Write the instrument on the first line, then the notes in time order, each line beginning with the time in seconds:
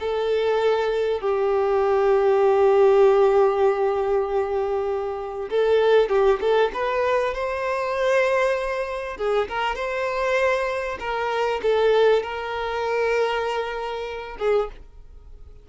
violin
0.00 A4
1.21 G4
5.50 A4
6.09 G4
6.41 A4
6.73 B4
7.34 C5
9.18 G#4
9.49 A#4
9.75 C5
11.00 A#4
11.62 A4
12.23 A#4
14.39 G#4